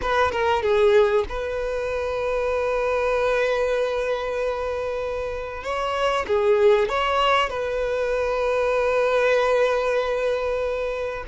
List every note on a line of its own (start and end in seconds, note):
0.01 0.31 B4
0.31 0.62 A#4
0.62 1.24 G#4
1.28 5.63 B4
5.63 6.26 C#5
6.27 6.89 G#4
6.89 7.49 C#5
7.49 11.24 B4